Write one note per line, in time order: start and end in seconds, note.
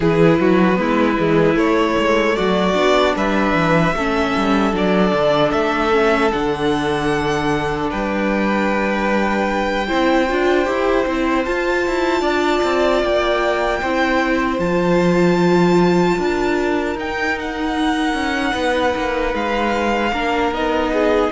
0.00 0.40 E3
0.00 0.75 E4
0.00 0.39 G#4
0.00 1.58 B4
0.40 0.78 F#3
0.40 0.79 F#4
0.75 1.17 G#3
0.75 1.14 B3
0.75 2.36 E4
1.16 1.56 E3
1.16 1.54 G#3
1.54 2.72 A3
1.54 1.95 A3
1.54 2.35 C#5
1.98 2.37 G#3
2.35 2.75 F#3
2.35 3.15 F#4
2.35 3.14 D5
2.73 3.14 B3
2.73 3.92 D4
3.15 3.53 G3
3.15 3.94 B4
3.15 4.75 E5
3.53 3.93 E3
3.93 4.33 A3
3.93 4.72 C#4
3.93 7.89 A4
4.37 4.72 G3
4.72 5.12 F#3
4.72 5.90 D4
4.72 5.51 D5
5.12 5.52 D3
5.51 6.32 A3
5.51 6.30 E5
5.91 6.30 C#4
6.31 7.91 D3
6.31 9.87 D4
6.31 7.89 F#5
7.89 9.90 G3
7.89 9.87 B4
7.89 11.44 G5
9.87 10.30 C4
9.87 10.26 E4
9.87 12.21 C5
10.29 10.67 D4
10.29 10.65 F4
10.65 11.06 E4
10.65 11.04 G4
11.06 11.46 C4
11.06 11.45 E4
11.44 13.82 F4
11.44 11.86 F4
11.44 13.02 A5
11.87 12.21 E4
12.21 12.60 D4
12.21 13.79 D5
12.63 13.02 C4
13.02 13.81 A#3
13.02 14.59 G5
13.81 14.58 C4
13.81 14.60 E4
13.81 16.18 C5
14.58 16.16 F3
14.58 16.96 F4
14.58 16.96 A5
16.17 16.95 D4
16.17 18.53 A#4
16.95 18.13 D#4
16.95 20.12 D#4
16.95 17.38 G5
17.38 19.34 F#5
18.13 18.53 C#4
18.53 18.94 B3
18.53 20.11 B4
18.95 19.34 A#3
19.34 20.12 G#3
19.34 20.53 F5
20.12 20.51 A#3
20.12 20.52 D4
20.12 20.91 A#4
20.51 21.30 B3
20.51 21.31 D#4
20.51 21.31 D#5
20.92 21.31 G#4